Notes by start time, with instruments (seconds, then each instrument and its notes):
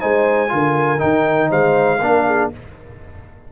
0.00 tuba G#3, trombone D#4, horn C5, trumpet G#5
0.48 tuba D3, trombone F4, horn A#4
0.98 tuba D#3, trombone D#4, trumpet G5
1.49 tuba G#3, horn C5, trumpet F5
2.00 tuba A#3, trombone D4, horn A#4
2.26 horn G#4